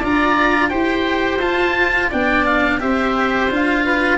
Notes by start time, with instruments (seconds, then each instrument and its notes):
0.00 tuba D4, cello F4, oboe D5 A#5
0.69 tuba E4, cello G4, oboe C5 G5
1.37 tuba F4, cello F4, oboe A5
2.09 tuba B3, cello D4, oboe D5 G5
2.46 oboe F5
2.80 tuba C4, cello G4, oboe C5 E5
3.51 tuba D4, cello F4, oboe F5
3.85 oboe B4